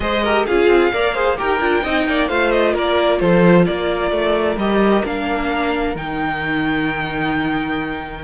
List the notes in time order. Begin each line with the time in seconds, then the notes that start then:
0.00 G#3 G#4 C5 D#5
0.23 G4 A#4
0.46 C#4 F4 G#4 F5
0.66 C4
0.93 A#3 A#4 D5
1.14 G#4 C5
1.36 D#4 G4 A#4 G5
1.60 D4 F4
1.83 C4 D#4 D#5
2.07 A#3 D5
2.28 A3 F4 C5 F5
2.51 D#5
2.73 A#3 A#4 D5
3.19 F3 A4 C5
3.65 A#3 A#4 D5
4.11 A3
4.56 G3 G4 D#5
5.04 A#3 D4 F5
5.95 D#3 D#4 G5